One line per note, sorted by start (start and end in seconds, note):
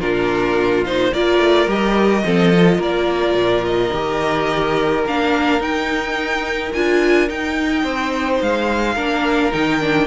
0.00 1.13 A#2
0.00 0.86 D4
0.00 1.12 F4
0.00 0.85 A#4
0.86 1.14 D#4
0.86 1.14 C5
1.13 1.39 A#3
1.13 1.68 F4
1.13 2.25 A#4
1.13 1.70 D5
1.39 1.67 A3
1.68 2.24 G3
1.68 2.24 G4
1.68 2.82 D#5
2.25 2.79 F3
2.25 2.53 C4
2.25 2.78 A4
2.53 3.93 F4
2.78 3.35 A#3
2.78 7.83 A#4
2.78 3.65 D5
3.35 3.91 A#2
3.65 5.05 D#5
3.94 5.06 D#3
3.94 5.06 G4
5.06 5.60 A#3
5.06 5.61 D4
5.06 5.62 F5
5.60 6.72 D#4
5.60 6.73 D#4
5.60 6.73 G5
6.73 7.30 D4
6.73 7.28 F4
6.73 7.29 G#5
7.28 8.96 D#4
7.28 7.84 D#4
7.28 8.42 G5
7.84 8.40 C4
7.84 8.95 C5
8.42 8.96 G#3
8.42 9.53 F5
8.95 9.52 A#3
8.95 9.53 D4
8.95 10.07 A#4
9.53 10.08 D#3
9.53 9.81 D#4
9.53 10.08 G5
9.81 10.08 D4